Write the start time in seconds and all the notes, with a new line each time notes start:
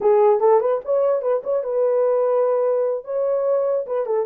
0.01 G#4
0.40 A4
0.60 B4
0.84 C#5
1.22 B4
1.43 C#5
1.63 B4
3.04 C#5
3.86 B4
4.06 A4